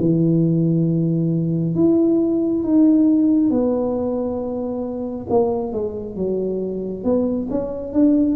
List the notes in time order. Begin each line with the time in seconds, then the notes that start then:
0.00 E3
1.75 E4
2.64 D#4
3.51 B3
5.30 A#3
5.73 G#3
6.16 F#3
7.04 B3
7.51 C#4
7.93 D4